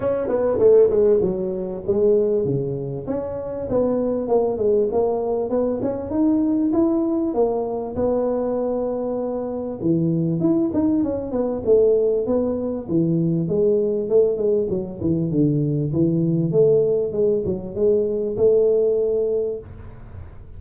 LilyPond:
\new Staff \with { instrumentName = "tuba" } { \time 4/4 \tempo 4 = 98 cis'8 b8 a8 gis8 fis4 gis4 | cis4 cis'4 b4 ais8 gis8 | ais4 b8 cis'8 dis'4 e'4 | ais4 b2. |
e4 e'8 dis'8 cis'8 b8 a4 | b4 e4 gis4 a8 gis8 | fis8 e8 d4 e4 a4 | gis8 fis8 gis4 a2 | }